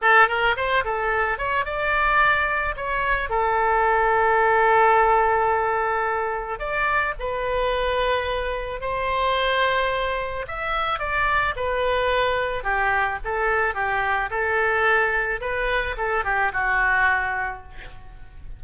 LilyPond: \new Staff \with { instrumentName = "oboe" } { \time 4/4 \tempo 4 = 109 a'8 ais'8 c''8 a'4 cis''8 d''4~ | d''4 cis''4 a'2~ | a'1 | d''4 b'2. |
c''2. e''4 | d''4 b'2 g'4 | a'4 g'4 a'2 | b'4 a'8 g'8 fis'2 | }